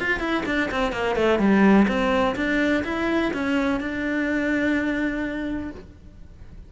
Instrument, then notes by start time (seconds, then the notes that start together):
cello
0.00 F4
0.20 E4
0.46 D4
0.72 C4
0.93 A#3
1.16 A3
1.39 G3
1.89 C4
2.36 D4
2.85 E4
3.34 C#4
3.81 D4